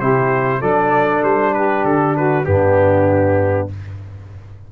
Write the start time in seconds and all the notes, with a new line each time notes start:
0.00 C3 E4 G4 C5
0.60 F#3 D4 A4 D5
1.23 G3 C5
1.54 G4 B4
1.85 D3 A4
2.16 F#4 B4
2.45 G2 B3 D4 G4